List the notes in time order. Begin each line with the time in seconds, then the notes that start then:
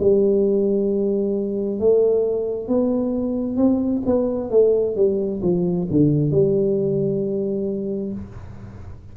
0.00 G3
1.80 A3
2.68 B3
3.57 C4
4.06 B3
4.51 A3
4.96 G3
5.43 F3
5.91 D3
6.31 G3